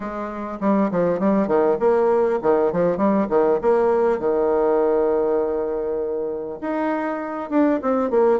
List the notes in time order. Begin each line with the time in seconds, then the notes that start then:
0.00 G#3
0.60 G3
0.91 F3
1.19 G3
1.47 D#3
1.79 A#3
2.42 D#3
2.72 F3
2.97 G3
3.29 D#3
3.61 A#3
4.19 D#3
6.61 D#4
7.50 D4
7.82 C4
8.10 A#3